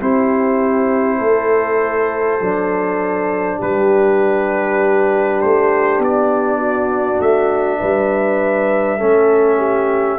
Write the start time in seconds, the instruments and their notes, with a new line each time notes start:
0.00 tuba C4, trombone E4, horn G4, trumpet C5
1.18 tuba A3, horn A4
2.41 tuba F#3, trombone D4
3.58 tuba G3, horn G4, trumpet B4
5.41 tuba A3, trumpet C5
5.99 tuba B3, trumpet D5
6.58 horn F#4
7.20 tuba A3, trumpet E5
7.79 tuba G3, horn B4
8.98 tuba A3, trombone C#4, horn A4
9.58 horn G4